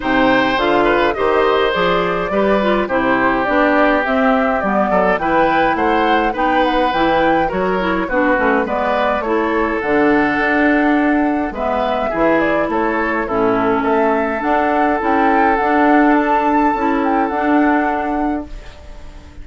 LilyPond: <<
  \new Staff \with { instrumentName = "flute" } { \time 4/4 \tempo 4 = 104 g''4 f''4 dis''4 d''4~ | d''4 c''4 d''4 e''4 | d''4 g''4 fis''4 g''8 fis''8 | g''4 cis''4 b'4 d''4 |
cis''4 fis''2. | e''4. d''8 cis''4 a'4 | e''4 fis''4 g''4 fis''4 | a''4. g''8 fis''2 | }
  \new Staff \with { instrumentName = "oboe" } { \time 4/4 c''4. b'8 c''2 | b'4 g'2.~ | g'8 a'8 b'4 c''4 b'4~ | b'4 ais'4 fis'4 b'4 |
a'1 | b'4 gis'4 a'4 e'4 | a'1~ | a'1 | }
  \new Staff \with { instrumentName = "clarinet" } { \time 4/4 dis'4 f'4 g'4 gis'4 | g'8 f'8 e'4 d'4 c'4 | b4 e'2 dis'4 | e'4 fis'8 e'8 d'8 cis'8 b4 |
e'4 d'2. | b4 e'2 cis'4~ | cis'4 d'4 e'4 d'4~ | d'4 e'4 d'2 | }
  \new Staff \with { instrumentName = "bassoon" } { \time 4/4 c4 d4 dis4 f4 | g4 c4 b4 c'4 | g8 fis8 e4 a4 b4 | e4 fis4 b8 a8 gis4 |
a4 d4 d'2 | gis4 e4 a4 a,4 | a4 d'4 cis'4 d'4~ | d'4 cis'4 d'2 | }
>>